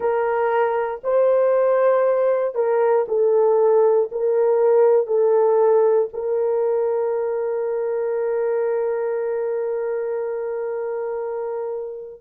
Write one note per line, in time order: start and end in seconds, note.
0.00 1.00 A#4
1.03 2.54 C5
2.54 3.05 A#4
3.07 4.09 A4
4.11 5.06 A#4
5.06 6.08 A4
6.13 12.20 A#4